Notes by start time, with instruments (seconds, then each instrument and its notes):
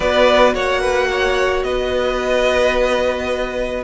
0.00 cello B3, viola F#4, violin B4 D5
0.54 cello A#3, violin C#5 F#5
0.80 violin B4
1.10 violin C#5
1.63 cello B3, violin B4 D#5